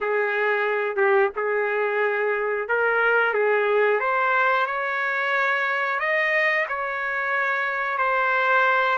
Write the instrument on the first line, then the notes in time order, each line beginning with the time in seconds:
trumpet
0.01 G#4
0.96 G4
1.35 G#4
2.68 A#4
3.33 G#4
3.99 C5
4.66 C#5
5.99 D#5
6.68 C#5
7.98 C5